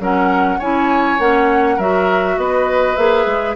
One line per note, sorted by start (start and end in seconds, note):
0.00 0.59 F#3
0.00 0.60 C#4
0.00 0.59 A#4
0.00 0.61 F#5
0.59 1.19 C#4
0.59 1.19 E4
0.59 1.76 C#5
0.59 1.20 G#5
1.19 1.78 A#3
1.19 1.79 C#4
1.19 1.79 F#5
1.76 2.38 F#3
1.76 2.97 F#4
1.76 2.36 A#4
1.76 2.39 E5
2.38 2.97 B3
2.38 3.56 B4
2.38 2.96 D#5
2.96 3.26 A#3
2.96 3.56 G#4
2.96 3.56 E5
3.26 3.56 G#3